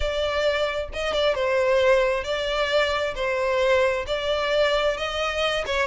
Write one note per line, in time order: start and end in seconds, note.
0.00 0.89 D5
0.93 1.13 D#5
1.13 1.35 D5
1.35 2.24 C5
2.24 3.14 D5
3.15 4.05 C5
4.06 4.97 D5
4.97 5.64 D#5
5.66 5.86 C#5